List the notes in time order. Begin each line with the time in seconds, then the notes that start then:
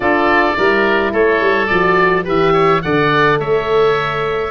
0.00 D4 F4 A4 D5
0.55 G3 E4 A#4
1.12 A3 A4 C#5
1.40 G3
1.66 F3 F#4 D5
2.24 E3 G4 B4 E5
2.53 C#5
2.81 D3 A4 D5 F#5
3.39 A3 C#5 E5